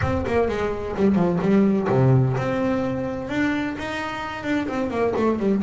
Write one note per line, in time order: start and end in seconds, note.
0.01 0.25 C4
0.26 0.48 A#3
0.48 0.95 G#3
0.96 1.15 G3
1.15 1.38 F3
1.41 1.87 G3
1.89 2.35 C3
2.37 3.29 C4
3.29 3.75 D4
3.78 4.43 D#4
4.43 4.67 D4
4.68 4.90 C4
4.90 5.13 A#3
5.16 5.39 A3
5.39 5.62 G3